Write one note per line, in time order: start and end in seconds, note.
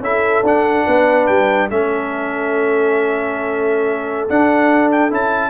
0.00 0.41 C#4
0.00 0.44 E4
0.00 0.86 A4
0.00 0.45 E5
0.43 0.84 D4
0.43 1.70 D4
0.43 1.26 F#5
0.86 1.28 B3
0.86 1.69 B4
1.26 1.70 G3
1.26 1.68 G5
1.70 4.28 A3
1.70 4.29 C#4
1.70 5.50 A4
1.70 4.29 E5
4.29 5.10 D4
4.29 5.11 D4
4.29 4.91 F#5
4.91 5.12 G5
5.10 5.50 C#4
5.10 5.50 E4
5.10 5.50 A5